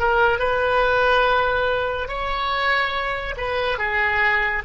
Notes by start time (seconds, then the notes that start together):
0.00 A#4
0.39 B4
2.09 C#5
3.37 B4
3.78 G#4